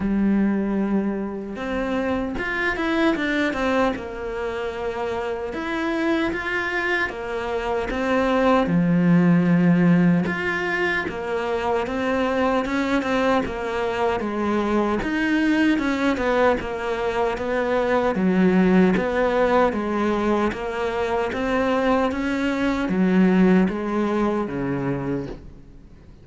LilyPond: \new Staff \with { instrumentName = "cello" } { \time 4/4 \tempo 4 = 76 g2 c'4 f'8 e'8 | d'8 c'8 ais2 e'4 | f'4 ais4 c'4 f4~ | f4 f'4 ais4 c'4 |
cis'8 c'8 ais4 gis4 dis'4 | cis'8 b8 ais4 b4 fis4 | b4 gis4 ais4 c'4 | cis'4 fis4 gis4 cis4 | }